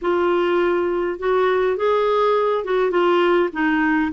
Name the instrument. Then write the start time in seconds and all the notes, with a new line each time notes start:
clarinet
0.01 F4
1.19 F#4
1.76 G#4
2.64 F#4
2.90 F4
3.52 D#4